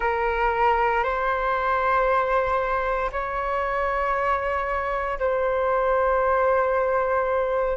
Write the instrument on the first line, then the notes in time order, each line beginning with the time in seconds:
flute
0.00 A#4
1.03 C5
3.12 C#5
5.19 C5